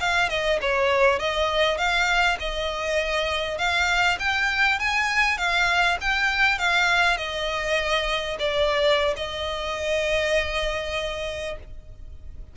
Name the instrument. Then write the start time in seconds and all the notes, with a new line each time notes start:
violin
0.00 F5
0.29 D#5
0.61 C#5
1.19 D#5
1.78 F5
2.40 D#5
3.58 F5
4.19 G5
4.79 G#5
5.38 F5
6.01 G5
6.59 F5
7.17 D#5
8.39 D5
9.16 D#5